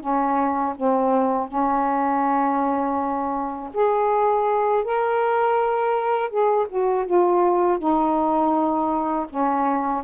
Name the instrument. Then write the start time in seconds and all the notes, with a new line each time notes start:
saxophone
0.00 C#4
0.76 C4
1.47 C#4
3.74 G#4
4.84 A#4
6.29 G#4
6.69 F#4
7.05 F4
7.78 D#4
9.29 C#4